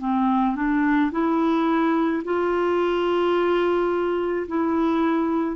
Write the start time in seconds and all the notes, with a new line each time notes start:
0.00 C4
0.56 D4
1.12 E4
2.24 F4
4.47 E4